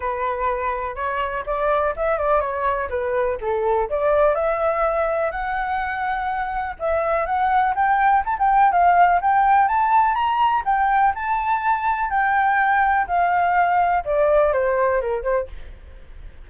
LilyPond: \new Staff \with { instrumentName = "flute" } { \time 4/4 \tempo 4 = 124 b'2 cis''4 d''4 | e''8 d''8 cis''4 b'4 a'4 | d''4 e''2 fis''4~ | fis''2 e''4 fis''4 |
g''4 a''16 g''8. f''4 g''4 | a''4 ais''4 g''4 a''4~ | a''4 g''2 f''4~ | f''4 d''4 c''4 ais'8 c''8 | }